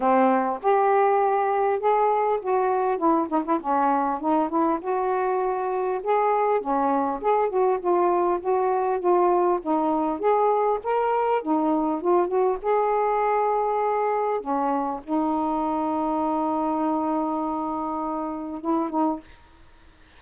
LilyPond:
\new Staff \with { instrumentName = "saxophone" } { \time 4/4 \tempo 4 = 100 c'4 g'2 gis'4 | fis'4 e'8 dis'16 e'16 cis'4 dis'8 e'8 | fis'2 gis'4 cis'4 | gis'8 fis'8 f'4 fis'4 f'4 |
dis'4 gis'4 ais'4 dis'4 | f'8 fis'8 gis'2. | cis'4 dis'2.~ | dis'2. e'8 dis'8 | }